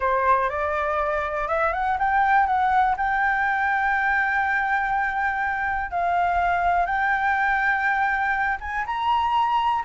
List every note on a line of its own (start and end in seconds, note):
0.00 0.49 C5
0.49 1.48 D5
1.48 1.72 E5
1.73 1.97 F#5
1.98 2.46 G5
2.46 2.95 F#5
2.97 5.91 G5
5.91 6.86 F5
6.86 8.58 G5
8.60 8.85 G#5
8.86 9.84 A#5